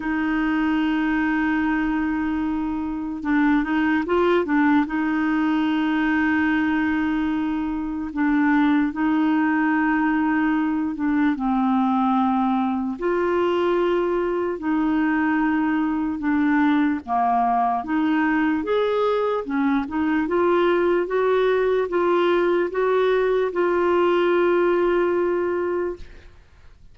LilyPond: \new Staff \with { instrumentName = "clarinet" } { \time 4/4 \tempo 4 = 74 dis'1 | d'8 dis'8 f'8 d'8 dis'2~ | dis'2 d'4 dis'4~ | dis'4. d'8 c'2 |
f'2 dis'2 | d'4 ais4 dis'4 gis'4 | cis'8 dis'8 f'4 fis'4 f'4 | fis'4 f'2. | }